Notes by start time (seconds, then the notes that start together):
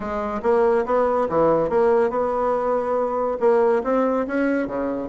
0.00 G#3
0.42 A#3
0.85 B3
1.29 E3
1.69 A#3
2.09 B3
3.39 A#3
3.83 C4
4.27 C#4
4.67 C#3